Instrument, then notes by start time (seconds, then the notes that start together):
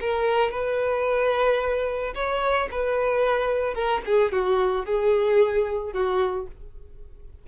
violin
0.00 A#4
0.51 B4
2.15 C#5
2.71 B4
3.74 A#4
4.05 G#4
4.32 F#4
4.86 G#4
5.92 F#4